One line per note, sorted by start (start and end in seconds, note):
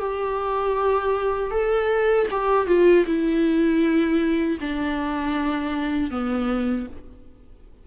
0.00 1.51 G4
1.51 2.27 A4
2.31 2.68 G4
2.68 3.06 F4
3.07 4.58 E4
4.61 6.11 D4
6.11 6.87 B3